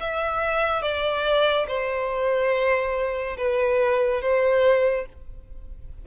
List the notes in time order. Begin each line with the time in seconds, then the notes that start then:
0.00 E5
0.82 D5
1.68 C5
3.37 B4
4.21 C5